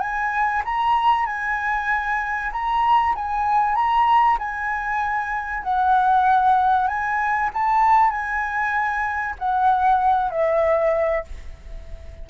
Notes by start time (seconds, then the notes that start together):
0.00 G#5
0.65 A#5
1.26 G#5
2.52 A#5
3.15 G#5
3.75 A#5
4.39 G#5
5.63 F#5
6.88 G#5
7.53 A5
8.10 G#5
9.39 F#5
10.31 E5